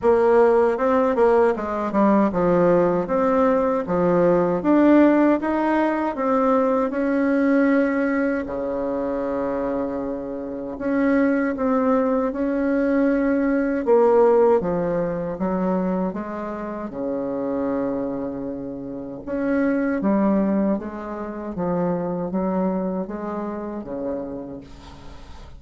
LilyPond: \new Staff \with { instrumentName = "bassoon" } { \time 4/4 \tempo 4 = 78 ais4 c'8 ais8 gis8 g8 f4 | c'4 f4 d'4 dis'4 | c'4 cis'2 cis4~ | cis2 cis'4 c'4 |
cis'2 ais4 f4 | fis4 gis4 cis2~ | cis4 cis'4 g4 gis4 | f4 fis4 gis4 cis4 | }